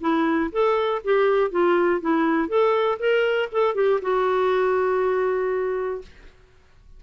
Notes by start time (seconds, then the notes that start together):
0.00 E4
0.52 A4
1.03 G4
1.50 F4
2.00 E4
2.48 A4
2.99 A#4
3.52 A4
3.75 G4
4.01 F#4